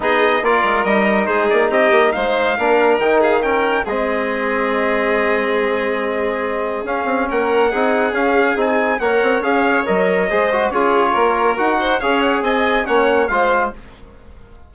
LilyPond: <<
  \new Staff \with { instrumentName = "trumpet" } { \time 4/4 \tempo 4 = 140 dis''4 d''4 dis''4 c''8 d''8 | dis''4 f''2 g''8 f''8 | g''4 dis''2.~ | dis''1 |
f''4 fis''2 f''4 | gis''4 fis''4 f''4 dis''4~ | dis''4 cis''2 fis''4 | f''8 fis''8 gis''4 fis''4 f''4 | }
  \new Staff \with { instrumentName = "violin" } { \time 4/4 gis'4 ais'2 gis'4 | g'4 c''4 ais'4. gis'8 | ais'4 gis'2.~ | gis'1~ |
gis'4 ais'4 gis'2~ | gis'4 cis''2. | c''4 gis'4 ais'4. c''8 | cis''4 dis''4 cis''4 c''4 | }
  \new Staff \with { instrumentName = "trombone" } { \time 4/4 dis'4 f'4 dis'2~ | dis'2 d'4 dis'4 | cis'4 c'2.~ | c'1 |
cis'2 dis'4 cis'4 | dis'4 ais'4 gis'4 ais'4 | gis'8 fis'8 f'2 fis'4 | gis'2 cis'4 f'4 | }
  \new Staff \with { instrumentName = "bassoon" } { \time 4/4 b4 ais8 gis8 g4 gis8 ais8 | c'8 ais8 gis4 ais4 dis4~ | dis4 gis2.~ | gis1 |
cis'8 c'8 ais4 c'4 cis'4 | c'4 ais8 c'8 cis'4 fis4 | gis4 cis'4 ais4 dis'4 | cis'4 c'4 ais4 gis4 | }
>>